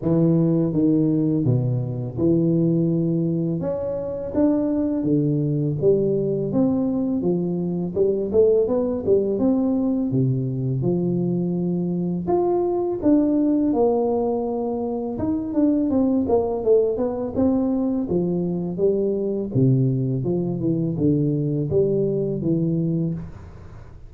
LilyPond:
\new Staff \with { instrumentName = "tuba" } { \time 4/4 \tempo 4 = 83 e4 dis4 b,4 e4~ | e4 cis'4 d'4 d4 | g4 c'4 f4 g8 a8 | b8 g8 c'4 c4 f4~ |
f4 f'4 d'4 ais4~ | ais4 dis'8 d'8 c'8 ais8 a8 b8 | c'4 f4 g4 c4 | f8 e8 d4 g4 e4 | }